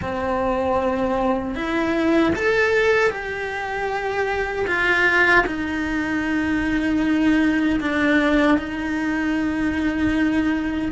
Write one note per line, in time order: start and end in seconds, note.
0.01 1.55 C4
1.55 2.33 E4
2.35 3.10 A4
3.10 4.65 G4
4.67 5.45 F4
5.46 7.80 D#4
7.80 8.57 D4
8.57 10.91 D#4